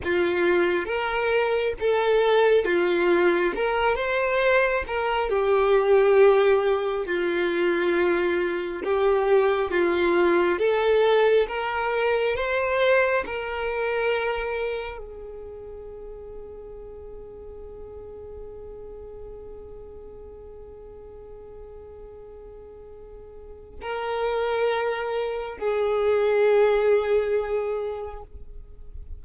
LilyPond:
\new Staff \with { instrumentName = "violin" } { \time 4/4 \tempo 4 = 68 f'4 ais'4 a'4 f'4 | ais'8 c''4 ais'8 g'2 | f'2 g'4 f'4 | a'4 ais'4 c''4 ais'4~ |
ais'4 gis'2.~ | gis'1~ | gis'2. ais'4~ | ais'4 gis'2. | }